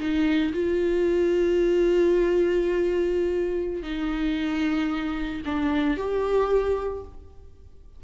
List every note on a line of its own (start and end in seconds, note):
0.00 0.53 D#4
0.54 3.83 F4
3.83 5.42 D#4
5.46 5.98 D4
5.98 7.04 G4